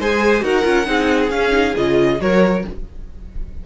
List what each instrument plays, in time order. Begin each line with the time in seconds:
0.00 cello G#3, viola G#4, violin C5 G#5
0.41 cello D#4, viola F#4, violin A#4 F#5
0.64 cello C#4, viola F4
0.85 cello C4, viola D#4, violin G#4
1.31 cello C#4, viola C#4, violin F5
1.52 viola D#4
1.77 cello C#3, viola F4, violin D#5
2.20 cello F#3, viola F#4, violin A#4 C#5